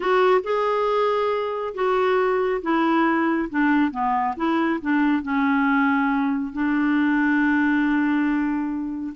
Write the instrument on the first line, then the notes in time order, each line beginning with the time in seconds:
clarinet
0.00 F#4
0.43 G#4
1.74 F#4
2.62 E4
3.49 D4
3.91 B3
4.36 E4
4.81 D4
5.22 C#4
6.53 D4